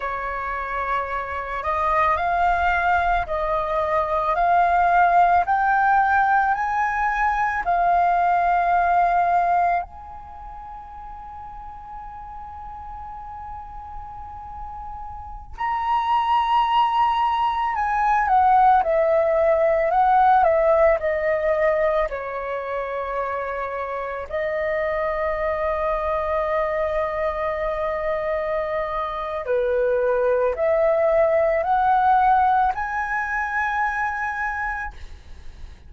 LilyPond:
\new Staff \with { instrumentName = "flute" } { \time 4/4 \tempo 4 = 55 cis''4. dis''8 f''4 dis''4 | f''4 g''4 gis''4 f''4~ | f''4 gis''2.~ | gis''2~ gis''16 ais''4.~ ais''16~ |
ais''16 gis''8 fis''8 e''4 fis''8 e''8 dis''8.~ | dis''16 cis''2 dis''4.~ dis''16~ | dis''2. b'4 | e''4 fis''4 gis''2 | }